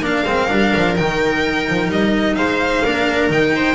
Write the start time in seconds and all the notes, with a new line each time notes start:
0.00 A#3 D4 A#4 F5
0.25 G#3 C4
0.48 G3 D4
0.76 F3
0.96 D#3 D#4 G5
1.68 F3
1.88 G3 D#5
2.35 G#3 C5 F5
2.84 A#3 D4 A#4
3.29 D#3 D#4 G5
3.55 C5